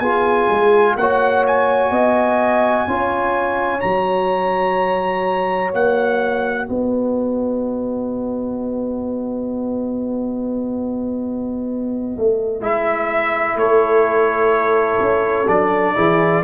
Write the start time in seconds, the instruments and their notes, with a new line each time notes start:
0.00 tuba B3, trombone F4, horn G#4, trumpet G#5
0.49 tuba G#3
0.96 tuba A#3, trombone F#4, horn C#5, trumpet F#5
1.47 trumpet G#5
1.91 tuba B3, horn D#5
2.88 tuba C#4, trombone F4, horn C#5
3.81 tuba F#3, trombone F#4, trumpet A#5
5.74 tuba A#3, trumpet F#5
6.68 tuba B3, horn B4, trumpet D#5
12.18 tuba A3
12.61 tuba G#3, trombone E4, trumpet E5
13.56 tuba A3, horn A4, trumpet C#5
15.01 tuba C#4
15.48 tuba F#3, trombone D4, trumpet D5
15.96 tuba E3, trombone E4, horn G#4